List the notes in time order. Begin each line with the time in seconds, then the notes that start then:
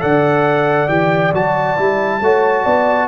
0.00 D3 A4 D5 F#5
0.88 E3 G4 G5
1.34 F#3 F#4 A5
1.77 G3 E4
2.21 A3 F#4 C#5
2.63 B3 D5